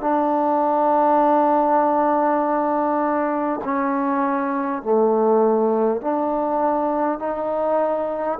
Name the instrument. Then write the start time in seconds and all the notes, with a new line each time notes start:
trombone
0.00 D4
3.64 C#4
4.82 A3
6.01 D4
7.19 D#4